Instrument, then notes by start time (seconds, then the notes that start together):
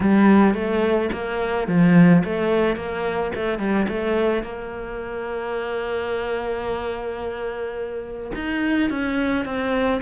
cello
0.00 G3
0.54 A3
1.12 A#3
1.67 F3
2.24 A3
2.76 A#3
3.35 A3
3.58 G3
3.88 A3
4.42 A#3
8.35 D#4
8.90 C#4
9.45 C4